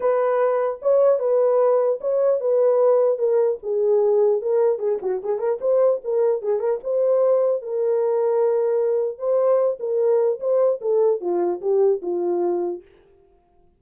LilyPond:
\new Staff \with { instrumentName = "horn" } { \time 4/4 \tempo 4 = 150 b'2 cis''4 b'4~ | b'4 cis''4 b'2 | ais'4 gis'2 ais'4 | gis'8 fis'8 gis'8 ais'8 c''4 ais'4 |
gis'8 ais'8 c''2 ais'4~ | ais'2. c''4~ | c''8 ais'4. c''4 a'4 | f'4 g'4 f'2 | }